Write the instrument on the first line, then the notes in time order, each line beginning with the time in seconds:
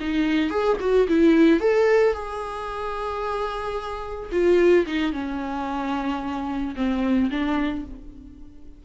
viola
0.00 D#4
0.50 G#4
0.80 F#4
1.08 E4
1.60 A4
2.14 G#4
4.31 F4
4.86 D#4
5.13 C#4
6.75 C4
7.30 D4